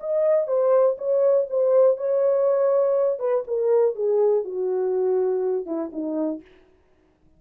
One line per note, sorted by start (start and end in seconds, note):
0.00 0.47 D#5
0.47 0.97 C5
0.98 1.47 C#5
1.50 1.97 C5
1.97 3.19 C#5
3.19 3.44 B4
3.47 3.95 A#4
3.95 4.44 G#4
4.45 5.66 F#4
5.66 5.91 E4
5.92 6.42 D#4